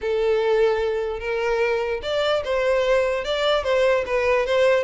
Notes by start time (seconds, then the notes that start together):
0.01 A4
1.19 A#4
2.02 D5
2.44 C5
3.24 D5
3.63 C5
4.05 B4
4.46 C5